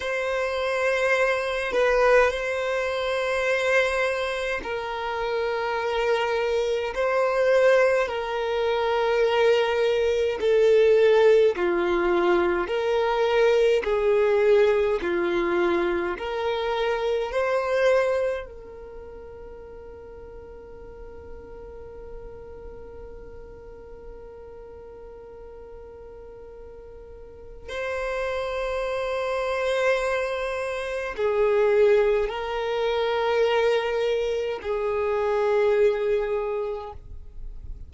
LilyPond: \new Staff \with { instrumentName = "violin" } { \time 4/4 \tempo 4 = 52 c''4. b'8 c''2 | ais'2 c''4 ais'4~ | ais'4 a'4 f'4 ais'4 | gis'4 f'4 ais'4 c''4 |
ais'1~ | ais'1 | c''2. gis'4 | ais'2 gis'2 | }